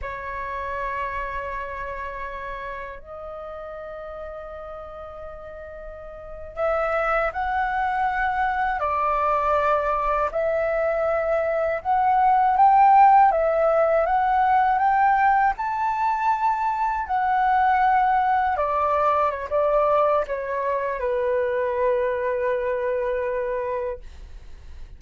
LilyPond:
\new Staff \with { instrumentName = "flute" } { \time 4/4 \tempo 4 = 80 cis''1 | dis''1~ | dis''8. e''4 fis''2 d''16~ | d''4.~ d''16 e''2 fis''16~ |
fis''8. g''4 e''4 fis''4 g''16~ | g''8. a''2 fis''4~ fis''16~ | fis''8. d''4 cis''16 d''4 cis''4 | b'1 | }